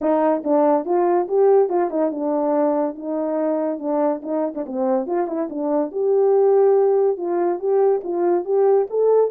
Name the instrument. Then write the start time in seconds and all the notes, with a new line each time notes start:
horn
0.01 D#4
0.43 D4
0.85 F4
1.28 G4
1.69 F4
1.90 D#4
2.11 D4
2.95 D#4
3.78 D4
4.22 D#4
4.54 D4
4.66 C4
5.06 F4
5.27 E4
5.49 D4
5.91 G4
7.17 F4
7.59 G4
8.03 F4
8.44 G4
8.90 A4